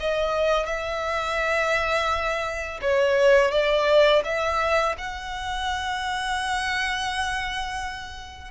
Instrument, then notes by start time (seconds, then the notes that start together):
violin
0.00 D#5
0.66 E5
2.82 C#5
3.51 D5
4.24 E5
4.98 F#5